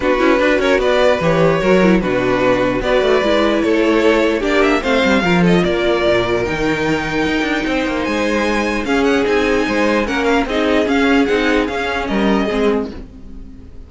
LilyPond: <<
  \new Staff \with { instrumentName = "violin" } { \time 4/4 \tempo 4 = 149 b'4. cis''8 d''4 cis''4~ | cis''4 b'2 d''4~ | d''4 cis''2 d''8 e''8 | f''4. dis''8 d''2 |
g''1 | gis''2 f''8 fis''8 gis''4~ | gis''4 fis''8 f''8 dis''4 f''4 | fis''4 f''4 dis''2 | }
  \new Staff \with { instrumentName = "violin" } { \time 4/4 fis'4 b'8 ais'8 b'2 | ais'4 fis'2 b'4~ | b'4 a'2 g'4 | c''4 ais'8 a'8 ais'2~ |
ais'2. c''4~ | c''2 gis'2 | c''4 ais'4 gis'2~ | gis'2 ais'4 gis'4 | }
  \new Staff \with { instrumentName = "viola" } { \time 4/4 d'8 e'8 fis'2 g'4 | fis'8 e'8 d'2 fis'4 | e'2. d'4 | c'4 f'2. |
dis'1~ | dis'2 cis'4 dis'4~ | dis'4 cis'4 dis'4 cis'4 | dis'4 cis'2 c'4 | }
  \new Staff \with { instrumentName = "cello" } { \time 4/4 b8 cis'8 d'8 cis'8 b4 e4 | fis4 b,2 b8 a8 | gis4 a2 ais4 | a8 g8 f4 ais4 ais,4 |
dis2 dis'8 d'8 c'8 ais8 | gis2 cis'4 c'4 | gis4 ais4 c'4 cis'4 | c'4 cis'4 g4 gis4 | }
>>